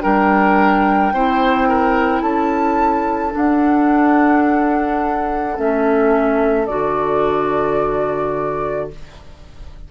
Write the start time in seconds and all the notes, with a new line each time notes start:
0.00 G3 D4 A#4 G5
1.12 C4 E4 C5
1.68 A#4
2.21 C#4 A4 A5
3.31 D4 F#5
5.56 A3 C#4 E5
6.66 D3 F#4 D5